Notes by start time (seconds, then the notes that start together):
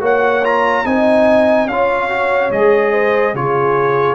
0.00 A#3 F#4 C#5 F#5
0.43 F4 A#5
0.85 C4 D#4 D#5 G#5
1.66 C#4 F4 C#5 F5
2.09 F#4
2.50 G#3 G#4 D#5
2.92 C5
3.34 C#3 F4 G#4 C#5